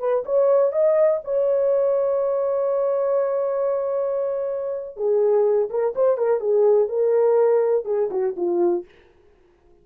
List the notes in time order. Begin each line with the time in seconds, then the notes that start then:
0.00 B4
0.26 C#5
0.73 D#5
1.24 C#5
4.97 G#4
5.70 A#4
5.96 C5
6.18 A#4
6.41 G#4
6.89 A#4
7.86 G#4
8.11 F#4
8.37 F4